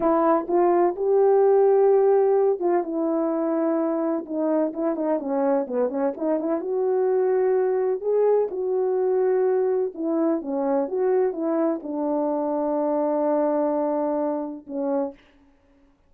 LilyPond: \new Staff \with { instrumentName = "horn" } { \time 4/4 \tempo 4 = 127 e'4 f'4 g'2~ | g'4. f'8 e'2~ | e'4 dis'4 e'8 dis'8 cis'4 | b8 cis'8 dis'8 e'8 fis'2~ |
fis'4 gis'4 fis'2~ | fis'4 e'4 cis'4 fis'4 | e'4 d'2.~ | d'2. cis'4 | }